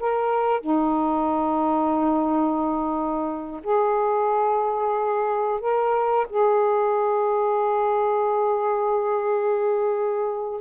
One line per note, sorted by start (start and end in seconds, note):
0.00 0.61 A#4
0.61 3.61 D#4
3.63 5.60 G#4
5.60 6.27 A#4
6.29 10.61 G#4